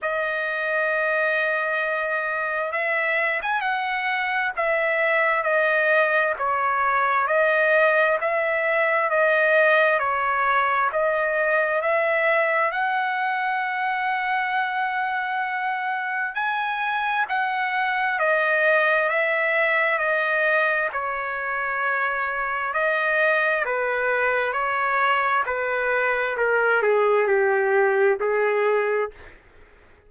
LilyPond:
\new Staff \with { instrumentName = "trumpet" } { \time 4/4 \tempo 4 = 66 dis''2. e''8. gis''16 | fis''4 e''4 dis''4 cis''4 | dis''4 e''4 dis''4 cis''4 | dis''4 e''4 fis''2~ |
fis''2 gis''4 fis''4 | dis''4 e''4 dis''4 cis''4~ | cis''4 dis''4 b'4 cis''4 | b'4 ais'8 gis'8 g'4 gis'4 | }